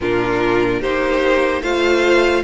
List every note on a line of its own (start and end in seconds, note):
0.01 0.81 A#2
0.01 0.82 D4
0.01 0.80 F4
0.01 0.81 A#4
0.80 1.61 A#3
0.80 1.63 D#4
0.80 1.61 G4
0.80 1.62 C5
1.61 2.42 A3
1.61 2.44 F4
1.61 2.43 C5
1.61 2.43 F5